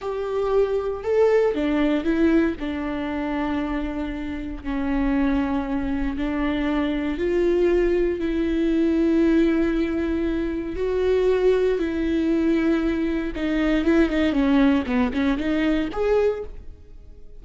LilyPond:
\new Staff \with { instrumentName = "viola" } { \time 4/4 \tempo 4 = 117 g'2 a'4 d'4 | e'4 d'2.~ | d'4 cis'2. | d'2 f'2 |
e'1~ | e'4 fis'2 e'4~ | e'2 dis'4 e'8 dis'8 | cis'4 b8 cis'8 dis'4 gis'4 | }